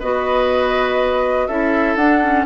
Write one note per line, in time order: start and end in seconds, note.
0.00 1.48 B3
0.00 1.50 F#4
0.00 1.48 B4
0.00 1.47 D#5
1.47 1.96 C#4
1.47 1.99 E4
1.47 2.46 A4
1.47 1.96 E5
1.96 2.45 D4
1.96 2.23 D4
1.96 2.45 F#5
2.23 2.46 C#4